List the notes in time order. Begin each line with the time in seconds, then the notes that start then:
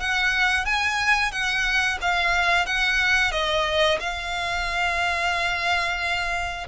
0.00 F#5
0.65 G#5
1.32 F#5
2.01 F5
2.66 F#5
3.32 D#5
4.00 F5